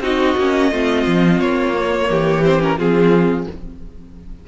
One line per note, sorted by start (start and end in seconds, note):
0.00 0.34 C4
0.00 0.38 D#4
0.00 0.71 F#4
0.00 1.40 D#5
0.37 0.71 A#3
0.37 0.72 C#4
0.71 1.06 A3
0.71 1.73 C4
0.71 2.09 F4
1.06 1.40 F3
1.40 2.09 A#3
1.40 2.43 C#5
1.73 2.42 A#3
2.09 2.78 E3
2.09 2.78 G4
2.44 2.59 C4
2.44 2.62 C5
2.59 2.77 C#4
2.59 2.79 A#4
2.78 3.47 F3
2.78 3.47 C4
2.78 3.47 F4
2.78 3.48 G#4